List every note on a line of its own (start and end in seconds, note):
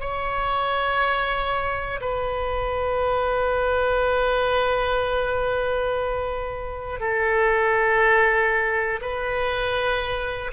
0.00 2.00 C#5
2.01 7.00 B4
7.00 9.00 A4
9.02 10.52 B4